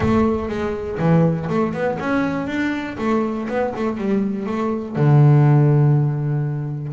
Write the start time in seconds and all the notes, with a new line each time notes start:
0.00 A3
0.48 G#3
0.98 E3
1.49 A3
1.73 B3
1.99 C#4
2.47 D4
2.98 A3
3.48 B3
3.76 A3
3.97 G3
4.46 A3
4.95 D3